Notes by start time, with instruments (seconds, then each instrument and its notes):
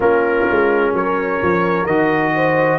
0.00 tuba A#3, trombone C#4, horn F4, trumpet A#4
0.50 tuba G#3
0.93 tuba F#3, horn A#4, trumpet C#5
1.42 tuba F3
1.85 tuba D#3, trombone F#4, trumpet D#5
2.34 horn C5